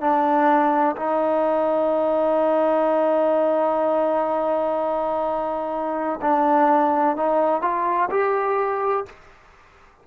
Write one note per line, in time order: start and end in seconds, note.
0.00 0.95 D4
0.96 6.19 D#4
6.21 7.16 D4
7.16 7.61 D#4
7.61 8.09 F4
8.10 9.05 G4